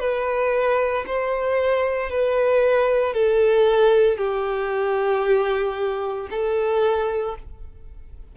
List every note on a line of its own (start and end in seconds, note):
0.00 1.05 B4
1.07 2.11 C5
2.11 3.14 B4
3.14 4.18 A4
4.18 6.29 G4
6.31 7.36 A4